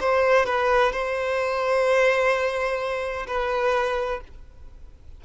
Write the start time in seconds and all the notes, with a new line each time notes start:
0.00 C5
0.45 B4
0.92 C5
3.26 B4